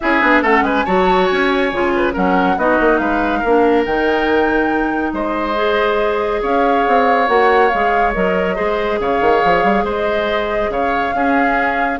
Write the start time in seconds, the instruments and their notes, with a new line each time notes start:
0.00 bassoon C#4, clarinet E4, oboe G#4, flute E5
0.21 bassoon B3, clarinet D4
0.42 bassoon A3, clarinet C#4, oboe A4, flute F#5
0.61 bassoon G#3, oboe B4, flute G#5
0.85 bassoon F#3, clarinet F#4, oboe C#5, flute A5
1.26 bassoon C#4, flute G#5
1.72 bassoon C#3, clarinet F4
1.96 oboe B4
2.13 bassoon F#3, clarinet C#4, oboe A#4, flute F#5
2.57 bassoon B3, clarinet D#4, oboe F#4, flute D#5
2.80 bassoon A#3
2.97 bassoon G#3, oboe B4, flute F5
3.39 bassoon A#3, oboe A#4
3.45 clarinet D4
3.85 bassoon D#3, clarinet D#4, flute G5
5.13 bassoon G#3, oboe C5, flute D#5
5.55 clarinet G#4
6.41 bassoon C#4, oboe C#5, flute F5
6.87 bassoon C4
7.26 bassoon A#3, clarinet F#4, flute F#5
7.69 bassoon G#3, clarinet G#4, flute F5
8.13 bassoon F#3, clarinet A#4, flute D#5
8.55 bassoon G#3, clarinet G#4, oboe C5
8.99 bassoon C#3, oboe C#5, flute F5
9.21 bassoon D#3
9.44 bassoon F3
9.63 bassoon G3
9.83 bassoon G#3, oboe C5, flute D#5
10.69 bassoon C#3, oboe C#5, flute F5
11.14 bassoon C#4, clarinet C#4, oboe G#4